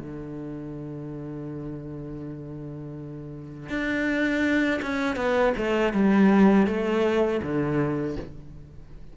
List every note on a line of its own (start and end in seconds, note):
0.00 3.70 D3
3.70 4.81 D4
4.82 5.16 C#4
5.16 5.54 B3
5.58 5.93 A3
5.93 6.67 G3
6.67 7.41 A3
7.43 8.17 D3